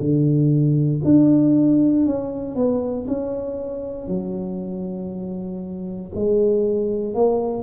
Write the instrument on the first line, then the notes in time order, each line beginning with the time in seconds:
tuba
0.00 D3
1.05 D4
2.06 C#4
2.56 B3
3.08 C#4
4.09 F#3
6.15 G#3
7.15 A#3